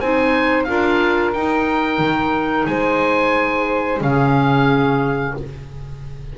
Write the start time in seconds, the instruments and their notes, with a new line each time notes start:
0.00 double bass C4, clarinet D#4, saxophone C5, oboe G#5
0.64 double bass D4, clarinet F4, saxophone A#4, oboe F5
1.33 double bass D#4, clarinet D#4, oboe G5
1.98 double bass D#3
2.66 double bass G#3, saxophone C5, oboe G#5
4.01 double bass C#3, clarinet C#4, saxophone G#4, oboe F5